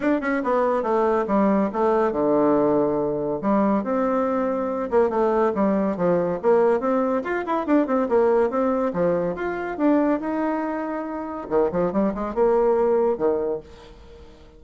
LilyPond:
\new Staff \with { instrumentName = "bassoon" } { \time 4/4 \tempo 4 = 141 d'8 cis'8 b4 a4 g4 | a4 d2. | g4 c'2~ c'8 ais8 | a4 g4 f4 ais4 |
c'4 f'8 e'8 d'8 c'8 ais4 | c'4 f4 f'4 d'4 | dis'2. dis8 f8 | g8 gis8 ais2 dis4 | }